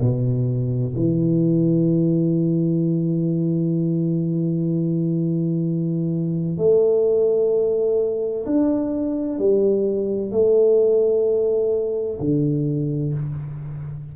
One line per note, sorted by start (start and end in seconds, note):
0.00 0.94 B2
0.96 6.57 E3
6.57 8.45 A3
8.45 9.39 D4
9.39 10.31 G3
10.31 12.19 A3
12.20 13.13 D3